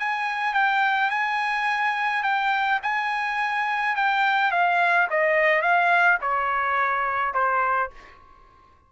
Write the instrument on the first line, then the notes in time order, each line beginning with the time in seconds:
trumpet
0.00 G#5
0.54 G5
1.11 G#5
2.24 G5
2.83 G#5
3.96 G5
4.52 F5
5.11 D#5
5.62 F5
6.22 C#5
7.34 C5